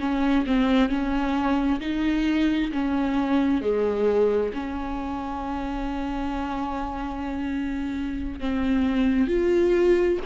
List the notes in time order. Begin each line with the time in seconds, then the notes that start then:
0.00 C#4
0.46 C4
0.89 C#4
1.81 D#4
2.72 C#4
3.62 G#3
4.54 C#4
8.40 C4
9.28 F4